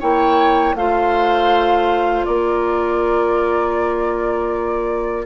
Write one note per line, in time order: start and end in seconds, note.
0.00 0.75 A#3
0.00 0.76 E4
0.00 0.75 C#5
0.00 0.76 G5
0.75 2.25 A3
0.75 5.26 F4
0.75 2.27 C5
0.75 2.25 F5
2.25 5.26 A#3
2.25 5.26 A#4
2.25 5.25 D5